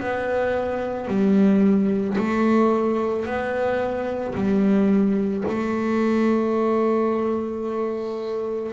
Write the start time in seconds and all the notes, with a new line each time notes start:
0.00 B3
1.08 G3
2.18 A3
3.25 B3
4.35 G3
5.48 A3